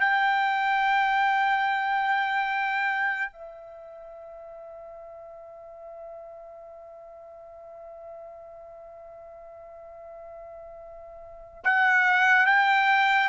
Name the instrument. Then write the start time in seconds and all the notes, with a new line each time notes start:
trumpet
0.00 G5
3.33 E5
11.64 F#5
12.47 G5